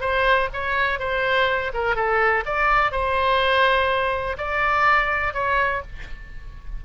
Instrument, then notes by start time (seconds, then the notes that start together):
oboe
0.00 C5
0.53 C#5
0.99 C5
1.74 A#4
1.96 A4
2.45 D5
2.91 C5
4.37 D5
5.33 C#5